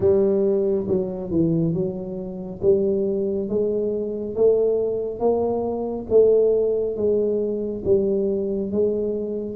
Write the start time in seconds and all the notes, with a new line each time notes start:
0.00 G3
0.87 F#3
1.30 E3
1.73 F#3
2.61 G3
3.49 G#3
4.35 A3
5.19 A#3
6.09 A3
6.96 G#3
7.85 G3
8.71 G#3